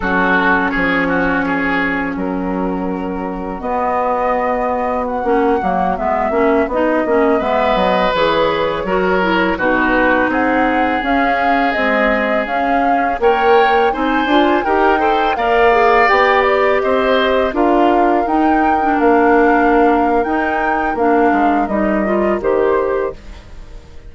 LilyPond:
<<
  \new Staff \with { instrumentName = "flute" } { \time 4/4 \tempo 4 = 83 a'4 cis''2 ais'4~ | ais'4 dis''2 fis''4~ | fis''16 e''4 dis''4 e''8 dis''8 cis''8.~ | cis''4~ cis''16 b'4 fis''4 f''8.~ |
f''16 dis''4 f''4 g''4 gis''8.~ | gis''16 g''4 f''4 g''8 d''8 dis''8.~ | dis''16 f''4 g''4 f''4.~ f''16 | g''4 f''4 dis''4 c''4 | }
  \new Staff \with { instrumentName = "oboe" } { \time 4/4 fis'4 gis'8 fis'8 gis'4 fis'4~ | fis'1~ | fis'2~ fis'16 b'4.~ b'16~ | b'16 ais'4 fis'4 gis'4.~ gis'16~ |
gis'2~ gis'16 cis''4 c''8.~ | c''16 ais'8 c''8 d''2 c''8.~ | c''16 ais'2.~ ais'8.~ | ais'1 | }
  \new Staff \with { instrumentName = "clarinet" } { \time 4/4 cis'1~ | cis'4 b2~ b16 cis'8 ais16~ | ais16 b8 cis'8 dis'8 cis'8 b4 gis'8.~ | gis'16 fis'8 e'8 dis'2 cis'8.~ |
cis'16 gis4 cis'4 ais'4 dis'8 f'16~ | f'16 g'8 a'8 ais'8 gis'8 g'4.~ g'16~ | g'16 f'4 dis'8. d'2 | dis'4 d'4 dis'8 f'8 g'4 | }
  \new Staff \with { instrumentName = "bassoon" } { \time 4/4 fis4 f2 fis4~ | fis4 b2~ b16 ais8 fis16~ | fis16 gis8 ais8 b8 ais8 gis8 fis8 e8.~ | e16 fis4 b,4 c'4 cis'8.~ |
cis'16 c'4 cis'4 ais4 c'8 d'16~ | d'16 dis'4 ais4 b4 c'8.~ | c'16 d'4 dis'4 ais4.~ ais16 | dis'4 ais8 gis8 g4 dis4 | }
>>